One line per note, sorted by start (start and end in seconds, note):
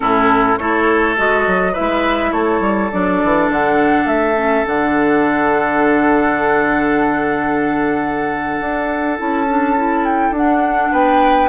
0.00 0.58 A2
0.00 0.57 C#4
0.00 0.59 E4
0.00 0.57 A4
0.57 1.17 A3
0.57 1.16 E4
0.57 1.72 A4
0.57 1.15 C#5
1.16 1.46 G#3
1.16 1.74 F#4
1.16 1.74 D#5
1.46 1.76 F#3
1.72 2.90 E4
1.72 2.31 B4
1.72 2.32 E5
1.79 2.32 G#3
2.32 2.60 A3
2.32 10.91 A4
2.32 2.90 C#5
2.60 2.89 G3
2.91 3.22 F#3
2.91 4.36 D4
2.91 3.49 D5
3.23 3.49 E3
3.49 4.05 D3
3.49 4.07 F#5
4.05 4.63 A3
4.05 4.65 E5
4.36 4.64 C#4
4.64 8.59 D3
4.64 9.16 D4
4.64 9.18 F#5
8.60 9.18 D4
9.17 10.30 C#4
9.17 9.46 E4
9.17 10.04 A5
9.47 9.76 D4
9.76 10.34 E4
10.04 10.33 G5
10.30 10.89 D4
10.30 11.49 D4
10.30 10.92 F#5
10.91 11.49 B3
10.91 11.49 B4
10.91 11.49 G5